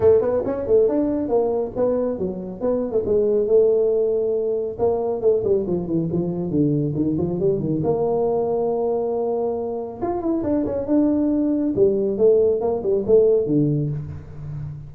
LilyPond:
\new Staff \with { instrumentName = "tuba" } { \time 4/4 \tempo 4 = 138 a8 b8 cis'8 a8 d'4 ais4 | b4 fis4 b8. a16 gis4 | a2. ais4 | a8 g8 f8 e8 f4 d4 |
dis8 f8 g8 dis8 ais2~ | ais2. f'8 e'8 | d'8 cis'8 d'2 g4 | a4 ais8 g8 a4 d4 | }